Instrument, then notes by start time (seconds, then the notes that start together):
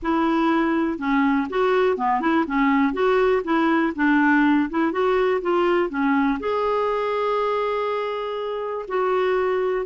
clarinet
0.02 E4
0.98 C#4
1.49 F#4
1.97 B3
2.20 E4
2.47 C#4
2.93 F#4
3.44 E4
3.95 D4
4.70 E4
4.92 F#4
5.41 F4
5.89 C#4
6.39 G#4
8.88 F#4